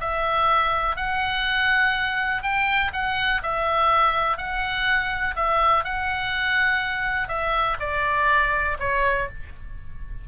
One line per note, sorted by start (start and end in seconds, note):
0.00 0.96 E5
0.96 2.43 F#5
2.43 2.91 G5
2.93 3.41 F#5
3.42 4.37 E5
4.37 5.35 F#5
5.35 5.84 E5
5.84 7.28 F#5
7.28 7.77 E5
7.80 8.77 D5
8.79 9.28 C#5